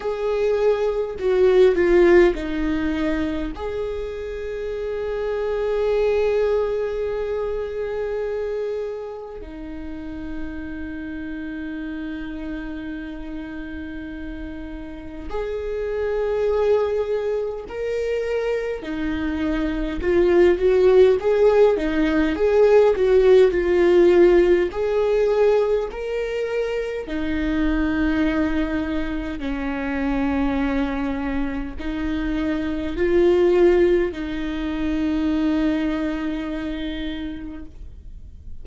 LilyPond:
\new Staff \with { instrumentName = "viola" } { \time 4/4 \tempo 4 = 51 gis'4 fis'8 f'8 dis'4 gis'4~ | gis'1 | dis'1~ | dis'4 gis'2 ais'4 |
dis'4 f'8 fis'8 gis'8 dis'8 gis'8 fis'8 | f'4 gis'4 ais'4 dis'4~ | dis'4 cis'2 dis'4 | f'4 dis'2. | }